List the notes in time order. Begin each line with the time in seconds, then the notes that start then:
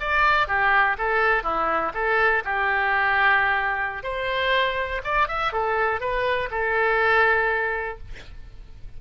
0.00 D5
0.48 G4
0.98 A4
1.44 E4
1.94 A4
2.45 G4
4.03 C5
5.04 D5
5.28 E5
5.52 A4
6.00 B4
6.51 A4